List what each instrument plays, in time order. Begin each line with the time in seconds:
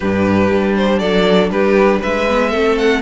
0.00 cello G2, viola D4, violin G4 B4
0.50 cello G3
0.76 violin C5
0.99 cello F#3, violin A4 D5
1.50 cello G3, violin G4 B4
2.00 cello G#3, violin B4 E5
2.28 viola B3
2.49 cello A3, viola C4, violin A4
2.78 violin F#5